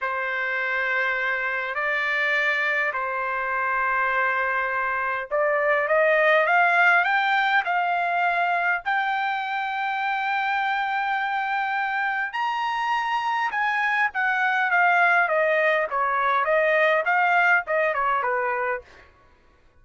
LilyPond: \new Staff \with { instrumentName = "trumpet" } { \time 4/4 \tempo 4 = 102 c''2. d''4~ | d''4 c''2.~ | c''4 d''4 dis''4 f''4 | g''4 f''2 g''4~ |
g''1~ | g''4 ais''2 gis''4 | fis''4 f''4 dis''4 cis''4 | dis''4 f''4 dis''8 cis''8 b'4 | }